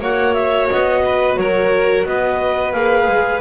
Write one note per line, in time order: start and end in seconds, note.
0.00 0.69 A#3
0.00 2.72 F#4
0.00 1.03 C#5
0.00 0.33 F#5
0.33 0.67 E5
0.70 1.37 B3
0.70 1.36 D#5
1.05 1.39 B4
1.36 2.05 F#3
1.36 2.07 A#4
1.36 2.04 C#5
2.05 2.73 B3
2.05 3.41 B4
2.05 2.72 D#5
2.72 3.07 A#3
2.72 3.40 G#4
2.72 3.40 F5
3.07 3.41 G#3